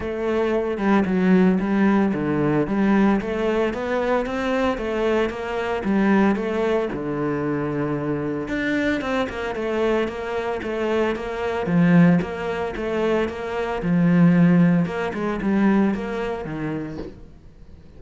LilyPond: \new Staff \with { instrumentName = "cello" } { \time 4/4 \tempo 4 = 113 a4. g8 fis4 g4 | d4 g4 a4 b4 | c'4 a4 ais4 g4 | a4 d2. |
d'4 c'8 ais8 a4 ais4 | a4 ais4 f4 ais4 | a4 ais4 f2 | ais8 gis8 g4 ais4 dis4 | }